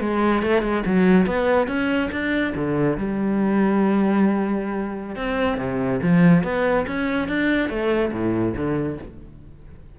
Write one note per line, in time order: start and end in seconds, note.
0.00 0.42 G#3
0.42 0.62 A3
0.62 0.83 G#3
0.85 1.26 F#3
1.26 1.67 B3
1.67 2.10 C#4
2.11 2.53 D4
2.55 2.97 D3
2.97 5.16 G3
5.16 5.58 C4
5.58 6.00 C3
6.02 6.43 F3
6.43 6.85 B3
6.87 7.28 C#4
7.28 7.69 D4
7.69 8.11 A3
8.12 8.54 A2
8.56 8.98 D3